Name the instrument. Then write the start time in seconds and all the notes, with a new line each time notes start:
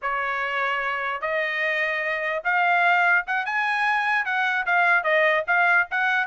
trumpet
0.01 C#5
1.21 D#5
2.44 F5
3.26 F#5
3.45 G#5
4.25 F#5
4.66 F5
5.03 D#5
5.47 F5
5.91 F#5